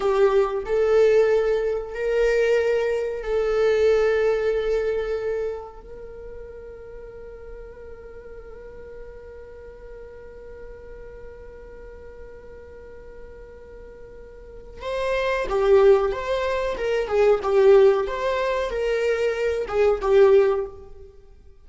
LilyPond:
\new Staff \with { instrumentName = "viola" } { \time 4/4 \tempo 4 = 93 g'4 a'2 ais'4~ | ais'4 a'2.~ | a'4 ais'2.~ | ais'1~ |
ais'1~ | ais'2. c''4 | g'4 c''4 ais'8 gis'8 g'4 | c''4 ais'4. gis'8 g'4 | }